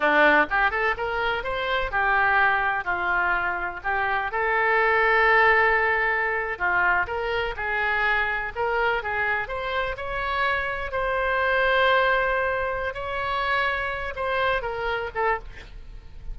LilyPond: \new Staff \with { instrumentName = "oboe" } { \time 4/4 \tempo 4 = 125 d'4 g'8 a'8 ais'4 c''4 | g'2 f'2 | g'4 a'2.~ | a'4.~ a'16 f'4 ais'4 gis'16~ |
gis'4.~ gis'16 ais'4 gis'4 c''16~ | c''8. cis''2 c''4~ c''16~ | c''2. cis''4~ | cis''4. c''4 ais'4 a'8 | }